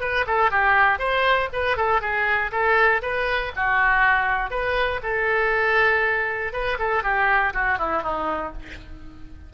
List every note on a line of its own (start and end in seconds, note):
0.00 0.25 B4
0.27 0.51 A4
0.51 0.99 G4
0.99 1.49 C5
1.53 1.77 B4
1.77 2.01 A4
2.01 2.51 G#4
2.51 3.01 A4
3.02 3.52 B4
3.56 4.50 F#4
4.50 5.00 B4
5.03 6.52 A4
6.52 6.77 B4
6.79 7.03 A4
7.03 7.53 G4
7.54 7.78 F#4
7.78 8.03 E4
8.03 8.53 D#4